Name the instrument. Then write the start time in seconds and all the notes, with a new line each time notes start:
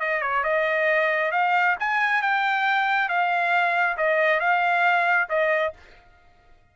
trumpet
0.00 D#5
0.21 C#5
0.43 D#5
1.32 F5
1.79 G#5
2.22 G5
3.08 F5
3.97 D#5
4.40 F5
5.29 D#5